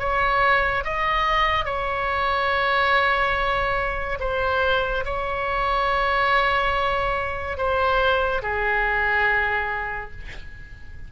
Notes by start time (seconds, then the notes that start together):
0.00 C#5
0.85 D#5
1.66 C#5
4.20 C5
5.06 C#5
7.58 C5
8.43 G#4